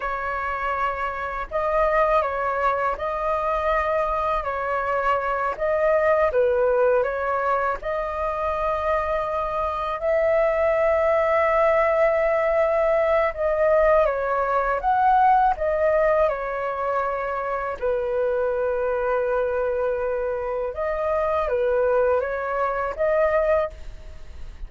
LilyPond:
\new Staff \with { instrumentName = "flute" } { \time 4/4 \tempo 4 = 81 cis''2 dis''4 cis''4 | dis''2 cis''4. dis''8~ | dis''8 b'4 cis''4 dis''4.~ | dis''4. e''2~ e''8~ |
e''2 dis''4 cis''4 | fis''4 dis''4 cis''2 | b'1 | dis''4 b'4 cis''4 dis''4 | }